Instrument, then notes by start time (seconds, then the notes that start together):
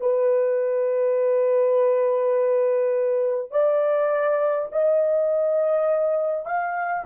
horn
0.00 B4
3.51 D5
4.72 D#5
6.45 F5